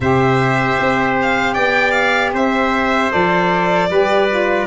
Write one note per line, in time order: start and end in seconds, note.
0.00 0.77 C3
0.00 3.10 G4
0.00 1.54 C5
0.00 1.17 E5
0.79 1.56 C4
1.21 1.54 F5
1.54 2.33 B3
1.54 2.31 D5
1.54 1.91 G5
1.91 2.30 F5
2.33 3.11 C4
2.33 3.89 C5
2.33 3.12 E5
3.10 3.90 F3
3.10 3.88 A4
3.10 4.66 D5
3.89 4.66 G3
3.89 4.28 G4
3.89 4.66 B4
4.28 4.66 F4